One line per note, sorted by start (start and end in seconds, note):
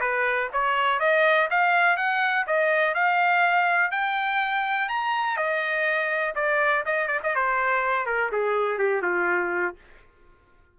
0.00 0.49 B4
0.53 0.99 C#5
0.99 1.48 D#5
1.50 1.97 F5
1.97 2.45 F#5
2.47 2.94 D#5
2.94 3.91 F5
3.91 4.88 G5
4.89 5.37 A#5
5.37 6.34 D#5
6.35 6.84 D5
6.86 7.08 D#5
7.08 7.20 D5
7.23 7.35 D#5
7.35 8.06 C5
8.06 8.30 A#4
8.32 8.78 G#4
8.78 9.02 G4
9.02 9.75 F4